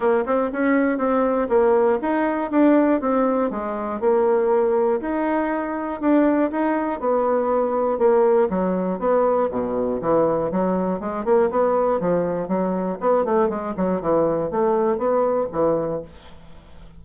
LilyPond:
\new Staff \with { instrumentName = "bassoon" } { \time 4/4 \tempo 4 = 120 ais8 c'8 cis'4 c'4 ais4 | dis'4 d'4 c'4 gis4 | ais2 dis'2 | d'4 dis'4 b2 |
ais4 fis4 b4 b,4 | e4 fis4 gis8 ais8 b4 | f4 fis4 b8 a8 gis8 fis8 | e4 a4 b4 e4 | }